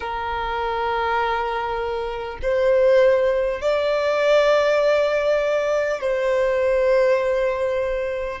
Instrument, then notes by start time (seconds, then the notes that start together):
violin
0.00 A#4
2.42 C5
3.61 D5
6.01 C5